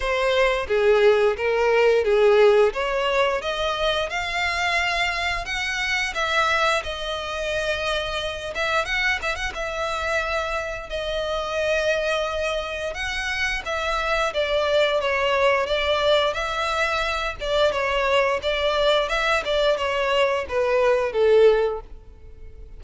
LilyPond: \new Staff \with { instrumentName = "violin" } { \time 4/4 \tempo 4 = 88 c''4 gis'4 ais'4 gis'4 | cis''4 dis''4 f''2 | fis''4 e''4 dis''2~ | dis''8 e''8 fis''8 e''16 fis''16 e''2 |
dis''2. fis''4 | e''4 d''4 cis''4 d''4 | e''4. d''8 cis''4 d''4 | e''8 d''8 cis''4 b'4 a'4 | }